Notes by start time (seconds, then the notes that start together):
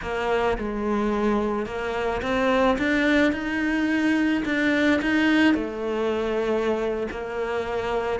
0.02 A#3
0.58 G#3
1.66 A#3
2.22 C4
2.78 D4
3.32 D#4
4.45 D4
5.02 D#4
5.54 A3
7.11 A#3